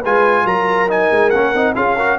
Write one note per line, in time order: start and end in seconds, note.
0.00 0.44 G#3
0.00 0.88 F4
0.00 0.43 B4
0.00 0.47 G#5
0.44 1.09 F#3
0.44 1.76 A#4
0.44 0.90 A#5
0.88 1.32 D#4
0.88 1.30 G#5
1.11 1.33 G#3
1.30 1.54 A#3
1.30 1.55 C#4
1.30 1.73 F#5
1.54 1.76 C4
1.54 1.75 D#4
1.75 2.19 C#4
1.75 1.97 F4
1.75 1.96 G#4
1.75 2.19 F5
1.96 2.19 F#4
1.96 2.18 A#4